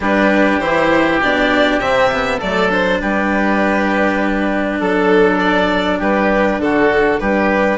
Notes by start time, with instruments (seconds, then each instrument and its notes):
0.00 bassoon G3, cello D4, oboe G4, violin B4
0.59 bassoon E3, cello E4, violin C5
1.21 bassoon B2, cello D4, violin D5
1.79 bassoon C3, cello C4, violin E5
2.12 cello B3
2.38 bassoon F#3, cello A3, oboe A4, violin D5
2.69 cello D4, violin C5
3.00 bassoon G3, oboe G4, violin B4
4.79 bassoon F#3, oboe A4, violin A4
5.39 violin D5
5.98 bassoon G3, oboe G4, violin B4
6.58 bassoon D3, oboe F#4, violin A4
7.19 bassoon G3, oboe G4, violin B4